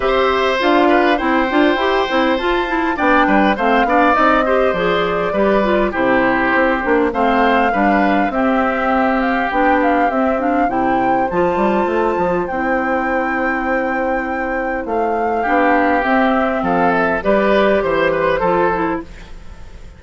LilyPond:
<<
  \new Staff \with { instrumentName = "flute" } { \time 4/4 \tempo 4 = 101 e''4 f''4 g''2 | a''4 g''4 f''4 dis''4 | d''2 c''2 | f''2 e''4. f''8 |
g''8 f''8 e''8 f''8 g''4 a''4~ | a''4 g''2.~ | g''4 f''2 e''4 | f''8 e''8 d''4 c''2 | }
  \new Staff \with { instrumentName = "oboe" } { \time 4/4 c''4. b'8 c''2~ | c''4 d''8 b'8 c''8 d''4 c''8~ | c''4 b'4 g'2 | c''4 b'4 g'2~ |
g'2 c''2~ | c''1~ | c''2 g'2 | a'4 b'4 c''8 b'8 a'4 | }
  \new Staff \with { instrumentName = "clarinet" } { \time 4/4 g'4 f'4 e'8 f'8 g'8 e'8 | f'8 e'8 d'4 c'8 d'8 dis'8 g'8 | gis'4 g'8 f'8 e'4. d'8 | c'4 d'4 c'2 |
d'4 c'8 d'8 e'4 f'4~ | f'4 e'2.~ | e'2 d'4 c'4~ | c'4 g'2 f'8 e'8 | }
  \new Staff \with { instrumentName = "bassoon" } { \time 4/4 c'4 d'4 c'8 d'8 e'8 c'8 | f'4 b8 g8 a8 b8 c'4 | f4 g4 c4 c'8 ais8 | a4 g4 c'2 |
b4 c'4 c4 f8 g8 | a8 f8 c'2.~ | c'4 a4 b4 c'4 | f4 g4 e4 f4 | }
>>